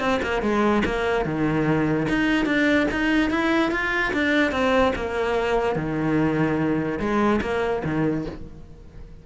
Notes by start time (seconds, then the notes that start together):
0.00 C4
0.23 A#3
0.42 G#3
0.85 A#3
1.25 D#3
2.09 D#4
2.46 D4
2.91 D#4
3.30 E4
3.71 F4
4.13 D4
4.52 C4
4.96 A#3
5.76 D#3
7.00 G#3
7.41 A#3
7.85 D#3